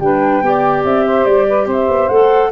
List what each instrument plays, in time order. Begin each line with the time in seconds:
0.00 tuba G3, clarinet D4, saxophone B4, flute G5
0.42 tuba B3, clarinet G4, saxophone D5
0.84 tuba C4, flute E5
1.06 saxophone C5
1.25 tuba G3, flute D5
1.48 saxophone B4
1.66 tuba C4, saxophone C5
1.72 flute E5
1.88 tuba B3
2.09 tuba A3, clarinet A4, flute F#5